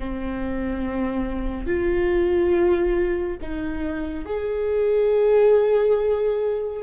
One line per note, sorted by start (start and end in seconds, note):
0.00 1.67 C4
1.67 3.38 F4
3.42 4.26 D#4
4.26 6.83 G#4